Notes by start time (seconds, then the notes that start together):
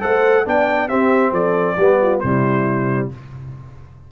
0.00 A3 A4 C5 F#5
0.45 B3 D4 D5 G5
0.88 C4 G4 E5
1.32 F3 A4 D5
1.77 G3 B3 G4
2.02 F4
2.19 C3 G3 E4 C5